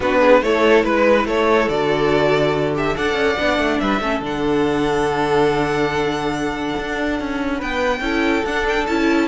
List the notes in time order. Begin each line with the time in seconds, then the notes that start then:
0.00 B3 D4 F#4 B4
0.20 G#4
0.41 A3 E4 A4 C#5
0.84 G#3 B4
1.25 A3 A4 C#5
1.68 D3 F#4 D5
2.75 G4 E5
2.94 D4 A4 D5 F#5
3.14 C#4
3.37 B3 D4
3.58 A3
3.79 G3 B4 E5
3.99 A3 C#4 A4
4.20 D3 D4 F#5
6.77 D4
7.20 C#4
7.57 B3 B4 G5
8.00 C#4 E4 A4
8.45 D4 F#5
8.68 G5
8.86 C#4 E4 A5